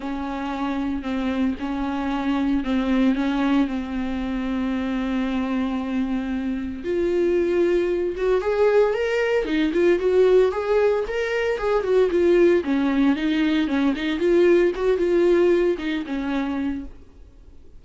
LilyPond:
\new Staff \with { instrumentName = "viola" } { \time 4/4 \tempo 4 = 114 cis'2 c'4 cis'4~ | cis'4 c'4 cis'4 c'4~ | c'1~ | c'4 f'2~ f'8 fis'8 |
gis'4 ais'4 dis'8 f'8 fis'4 | gis'4 ais'4 gis'8 fis'8 f'4 | cis'4 dis'4 cis'8 dis'8 f'4 | fis'8 f'4. dis'8 cis'4. | }